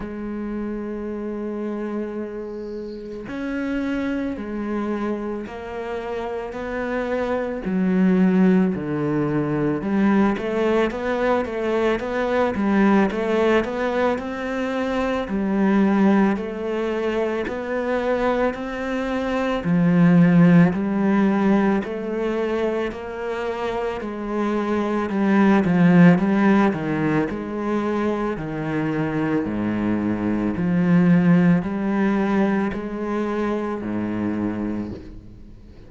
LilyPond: \new Staff \with { instrumentName = "cello" } { \time 4/4 \tempo 4 = 55 gis2. cis'4 | gis4 ais4 b4 fis4 | d4 g8 a8 b8 a8 b8 g8 | a8 b8 c'4 g4 a4 |
b4 c'4 f4 g4 | a4 ais4 gis4 g8 f8 | g8 dis8 gis4 dis4 gis,4 | f4 g4 gis4 gis,4 | }